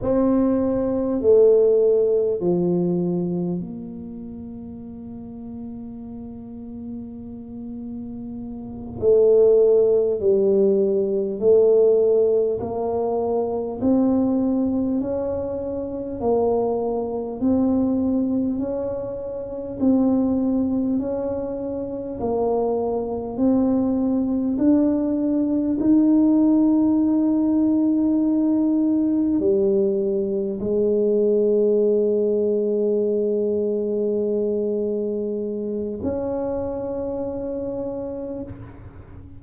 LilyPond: \new Staff \with { instrumentName = "tuba" } { \time 4/4 \tempo 4 = 50 c'4 a4 f4 ais4~ | ais2.~ ais8 a8~ | a8 g4 a4 ais4 c'8~ | c'8 cis'4 ais4 c'4 cis'8~ |
cis'8 c'4 cis'4 ais4 c'8~ | c'8 d'4 dis'2~ dis'8~ | dis'8 g4 gis2~ gis8~ | gis2 cis'2 | }